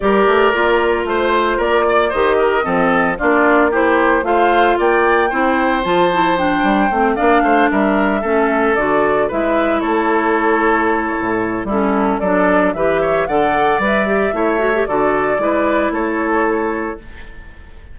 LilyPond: <<
  \new Staff \with { instrumentName = "flute" } { \time 4/4 \tempo 4 = 113 d''2 c''4 d''4 | dis''2 d''4 c''4 | f''4 g''2 a''4 | g''4. f''4 e''4.~ |
e''8 d''4 e''4 cis''4.~ | cis''2 a'4 d''4 | e''4 fis''4 e''2 | d''2 cis''2 | }
  \new Staff \with { instrumentName = "oboe" } { \time 4/4 ais'2 c''4 ais'8 d''8 | c''8 ais'8 a'4 f'4 g'4 | c''4 d''4 c''2~ | c''4. d''8 c''8 ais'4 a'8~ |
a'4. b'4 a'4.~ | a'2 e'4 a'4 | b'8 cis''8 d''2 cis''4 | a'4 b'4 a'2 | }
  \new Staff \with { instrumentName = "clarinet" } { \time 4/4 g'4 f'2. | g'4 c'4 d'4 e'4 | f'2 e'4 f'8 e'8 | d'4 c'8 d'2 cis'8~ |
cis'8 fis'4 e'2~ e'8~ | e'2 cis'4 d'4 | g'4 a'4 b'8 g'8 e'8 fis'16 g'16 | fis'4 e'2. | }
  \new Staff \with { instrumentName = "bassoon" } { \time 4/4 g8 a8 ais4 a4 ais4 | dis4 f4 ais2 | a4 ais4 c'4 f4~ | f8 g8 a8 ais8 a8 g4 a8~ |
a8 d4 gis4 a4.~ | a4 a,4 g4 fis4 | e4 d4 g4 a4 | d4 gis4 a2 | }
>>